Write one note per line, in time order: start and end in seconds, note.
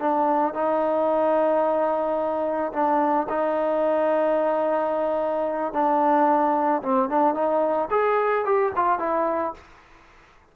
0.00 0.54 D4
0.54 2.72 D#4
2.72 3.27 D4
3.29 5.73 D#4
5.73 6.82 D4
6.82 7.09 C4
7.09 7.34 D4
7.34 7.89 D#4
7.91 8.45 G#4
8.45 8.72 G4
8.76 8.99 F4
8.99 9.54 E4